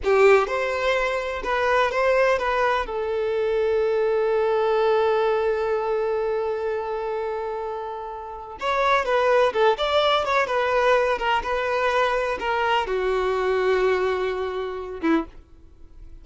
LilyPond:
\new Staff \with { instrumentName = "violin" } { \time 4/4 \tempo 4 = 126 g'4 c''2 b'4 | c''4 b'4 a'2~ | a'1~ | a'1~ |
a'2 cis''4 b'4 | a'8 d''4 cis''8 b'4. ais'8 | b'2 ais'4 fis'4~ | fis'2.~ fis'8 e'8 | }